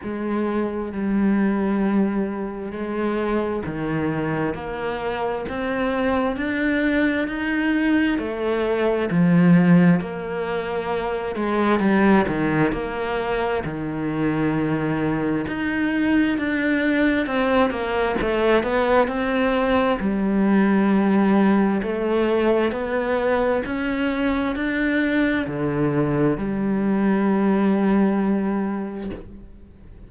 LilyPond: \new Staff \with { instrumentName = "cello" } { \time 4/4 \tempo 4 = 66 gis4 g2 gis4 | dis4 ais4 c'4 d'4 | dis'4 a4 f4 ais4~ | ais8 gis8 g8 dis8 ais4 dis4~ |
dis4 dis'4 d'4 c'8 ais8 | a8 b8 c'4 g2 | a4 b4 cis'4 d'4 | d4 g2. | }